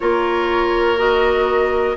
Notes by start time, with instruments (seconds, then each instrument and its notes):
0.00 bassoon A#3, clarinet F4, oboe A#4, flute C#5
0.97 clarinet F#4, flute D#5